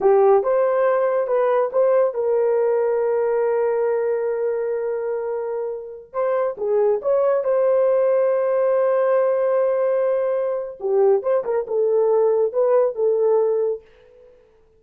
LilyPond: \new Staff \with { instrumentName = "horn" } { \time 4/4 \tempo 4 = 139 g'4 c''2 b'4 | c''4 ais'2.~ | ais'1~ | ais'2~ ais'16 c''4 gis'8.~ |
gis'16 cis''4 c''2~ c''8.~ | c''1~ | c''4 g'4 c''8 ais'8 a'4~ | a'4 b'4 a'2 | }